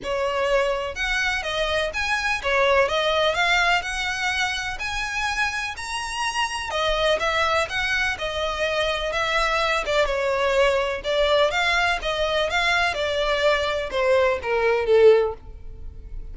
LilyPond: \new Staff \with { instrumentName = "violin" } { \time 4/4 \tempo 4 = 125 cis''2 fis''4 dis''4 | gis''4 cis''4 dis''4 f''4 | fis''2 gis''2 | ais''2 dis''4 e''4 |
fis''4 dis''2 e''4~ | e''8 d''8 cis''2 d''4 | f''4 dis''4 f''4 d''4~ | d''4 c''4 ais'4 a'4 | }